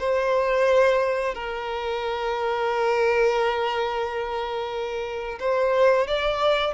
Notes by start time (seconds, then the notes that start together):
0.00 C5
1.35 A#4
5.40 C5
6.07 D5